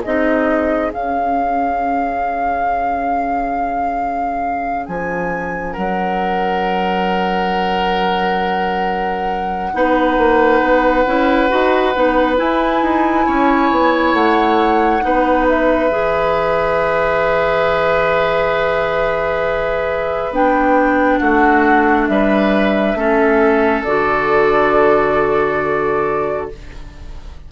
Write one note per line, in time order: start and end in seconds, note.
0.00 0.93 C4
0.00 0.92 D#4
0.00 5.73 G#4
0.00 0.92 D#5
0.92 9.73 C#4
0.92 4.88 C#4
0.92 4.86 F5
4.86 5.76 F3
4.86 5.73 G#5
5.73 9.73 F#3
5.73 9.70 A#4
5.73 12.35 F#5
9.73 10.17 B3
9.73 11.06 D#4
9.73 13.26 B4
10.17 10.61 A#3
10.61 11.05 B3
11.06 11.50 C#4
11.06 11.49 E4
11.49 11.95 D#4
11.49 11.93 F#4
11.95 12.39 B3
11.95 12.36 D#4
12.36 15.01 E4
12.36 12.82 E4
12.36 14.13 G#5
12.82 13.26 D#4
13.26 13.71 C#4
13.26 15.03 C#5
13.71 14.13 B3
14.13 15.01 A3
14.13 15.46 F#5
15.01 15.90 B3
15.01 15.89 D#4
15.01 21.19 B4
15.48 20.34 E5
15.90 20.30 E3
15.90 20.32 G#4
20.30 21.19 B3
20.30 22.96 D4
20.30 21.18 G5
21.18 22.09 A3
21.18 22.08 F#4
21.18 22.06 F#5
22.07 22.94 G3
22.07 22.98 B4
22.07 23.83 E5
22.94 23.82 A3
22.94 23.85 C#4
22.94 26.51 A4
23.83 26.50 D3
23.83 26.51 F#4
23.83 26.48 D5